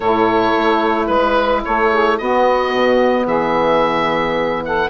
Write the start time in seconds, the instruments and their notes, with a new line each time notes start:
0.00 bassoon A2, saxophone E4 A4, oboe C#5
0.57 bassoon A3
1.06 bassoon G#3, oboe B4, saxophone B4
1.64 bassoon A3, saxophone A4, oboe C#5
1.91 saxophone G#4
2.17 bassoon B3, saxophone B3 F#4, oboe D#5
2.74 bassoon B2
3.26 bassoon E3, saxophone G#4, oboe E5
4.65 saxophone A4, oboe F#5